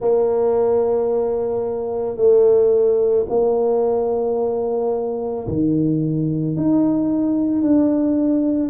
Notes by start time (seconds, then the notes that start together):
0.00 A#3
2.16 A3
3.29 A#3
5.47 D#3
6.56 D#4
7.62 D4